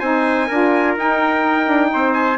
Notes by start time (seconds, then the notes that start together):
0.00 C4 D#4 C5 G#5
0.48 D4 F4 A#4
0.97 D#4 G5
1.68 D4
1.94 C4 C5
2.14 G#5